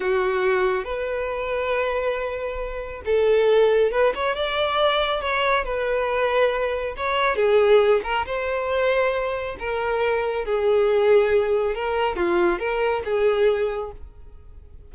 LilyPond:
\new Staff \with { instrumentName = "violin" } { \time 4/4 \tempo 4 = 138 fis'2 b'2~ | b'2. a'4~ | a'4 b'8 cis''8 d''2 | cis''4 b'2. |
cis''4 gis'4. ais'8 c''4~ | c''2 ais'2 | gis'2. ais'4 | f'4 ais'4 gis'2 | }